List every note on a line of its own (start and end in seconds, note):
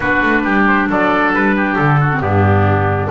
0.00 0.21 B3
0.00 2.12 D4
0.00 0.42 F#4
0.00 0.65 B4
0.22 0.44 A3
0.44 0.88 G3
0.44 0.88 G4
0.67 0.89 C5
0.89 1.32 F#3
0.89 1.55 A4
0.89 1.34 D5
1.32 1.76 G3
1.32 1.76 B4
1.55 2.00 G4
1.76 2.20 D3
1.76 2.20 A4
2.00 2.22 F#4
2.12 2.20 C4
2.20 3.08 G2
2.20 3.09 B3
2.20 3.10 D4
2.20 3.10 G4